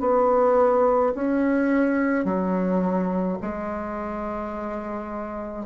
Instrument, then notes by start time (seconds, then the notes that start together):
bassoon
0.00 B3
1.15 C#4
2.25 F#3
3.41 G#3